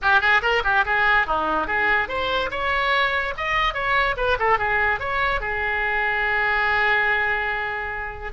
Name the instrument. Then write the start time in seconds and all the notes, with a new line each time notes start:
oboe
0.02 G4
0.20 G#4
0.42 A#4
0.64 G4
0.85 G#4
1.27 D#4
1.67 G#4
2.08 C5
2.50 C#5
3.37 D#5
3.73 C#5
4.16 B4
4.39 A4
4.58 G#4
4.99 C#5
5.40 G#4